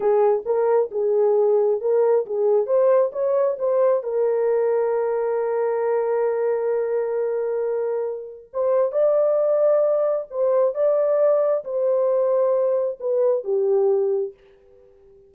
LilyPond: \new Staff \with { instrumentName = "horn" } { \time 4/4 \tempo 4 = 134 gis'4 ais'4 gis'2 | ais'4 gis'4 c''4 cis''4 | c''4 ais'2.~ | ais'1~ |
ais'2. c''4 | d''2. c''4 | d''2 c''2~ | c''4 b'4 g'2 | }